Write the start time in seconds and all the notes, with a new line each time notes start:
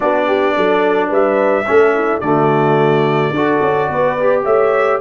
0.00 B3 D4 F#4 D5
0.27 G4
0.56 F#3 A4
1.08 G3 B4 E5
1.66 A3 C#4 A4
1.94 E4
2.20 D3 A3 F#4 D5
3.30 D4 F#4 A4
3.61 C#4
3.89 B3 B4
4.19 G4
4.44 A3 C#5 E5